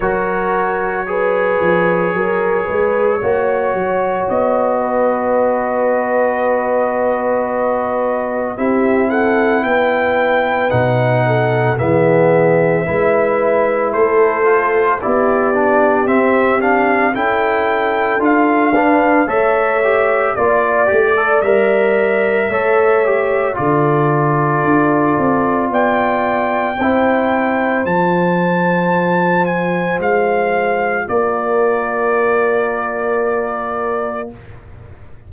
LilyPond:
<<
  \new Staff \with { instrumentName = "trumpet" } { \time 4/4 \tempo 4 = 56 cis''1 | dis''1 | e''8 fis''8 g''4 fis''4 e''4~ | e''4 c''4 d''4 e''8 f''8 |
g''4 f''4 e''4 d''4 | e''2 d''2 | g''2 a''4. gis''8 | f''4 d''2. | }
  \new Staff \with { instrumentName = "horn" } { \time 4/4 ais'4 b'4 ais'8 b'8 cis''4~ | cis''8 b'2.~ b'8 | g'8 a'8 b'4. a'8 gis'4 | b'4 a'4 g'2 |
a'4. b'8 cis''4 d''4~ | d''4 cis''4 a'2 | d''4 c''2.~ | c''4 ais'2. | }
  \new Staff \with { instrumentName = "trombone" } { \time 4/4 fis'4 gis'2 fis'4~ | fis'1 | e'2 dis'4 b4 | e'4. f'8 e'8 d'8 c'8 d'8 |
e'4 f'8 d'8 a'8 g'8 f'8 g'16 a'16 | ais'4 a'8 g'8 f'2~ | f'4 e'4 f'2~ | f'1 | }
  \new Staff \with { instrumentName = "tuba" } { \time 4/4 fis4. f8 fis8 gis8 ais8 fis8 | b1 | c'4 b4 b,4 e4 | gis4 a4 b4 c'4 |
cis'4 d'4 a4 ais8 a8 | g4 a4 d4 d'8 c'8 | b4 c'4 f2 | gis4 ais2. | }
>>